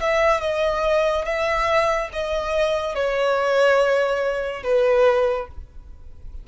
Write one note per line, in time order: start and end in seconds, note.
0.00 0.40 E5
0.40 1.25 D#5
1.25 2.09 E5
2.12 2.95 D#5
2.95 4.63 C#5
4.63 5.47 B4